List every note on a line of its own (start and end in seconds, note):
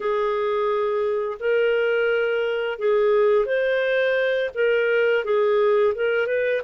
0.00 1.38 G#4
1.39 2.78 A#4
2.78 3.45 G#4
3.45 4.50 C5
4.54 5.24 A#4
5.24 5.94 G#4
5.95 6.26 A#4
6.26 6.61 B4